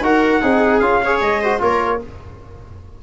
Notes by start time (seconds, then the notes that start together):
0.00 D#4 F#4 A#4 F#5
0.41 C4 D#4 G#4
0.80 C#4 F4 F5
1.04 G#4 C#5
1.20 G#3 D#5
1.41 F#4 C5
1.59 A#3 F4 A#4 C#5